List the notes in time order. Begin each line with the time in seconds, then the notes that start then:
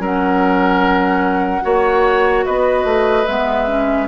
0.00 F#3 C#4 A#4 F#5
1.62 A#3 F#4 C#5
2.46 B3 B4 D#5
2.85 A3
3.27 G#3 B3 E5
3.67 C#4